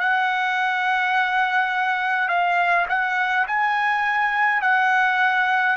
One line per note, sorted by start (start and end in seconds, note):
0.00 2.29 F#5
2.29 2.86 F5
2.89 3.47 F#5
3.48 4.62 G#5
4.62 5.77 F#5